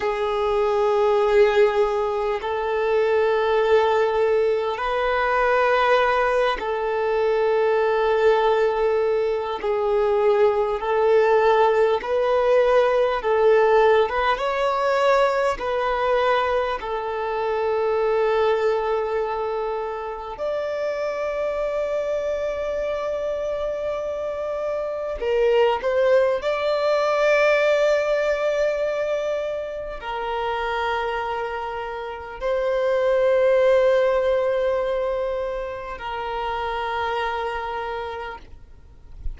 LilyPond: \new Staff \with { instrumentName = "violin" } { \time 4/4 \tempo 4 = 50 gis'2 a'2 | b'4. a'2~ a'8 | gis'4 a'4 b'4 a'8. b'16 | cis''4 b'4 a'2~ |
a'4 d''2.~ | d''4 ais'8 c''8 d''2~ | d''4 ais'2 c''4~ | c''2 ais'2 | }